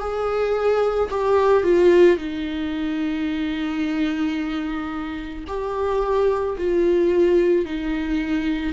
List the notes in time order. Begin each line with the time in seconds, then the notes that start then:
0.00 G#4
1.10 G4
1.63 F4
2.17 D#4
5.47 G4
6.58 F4
7.65 D#4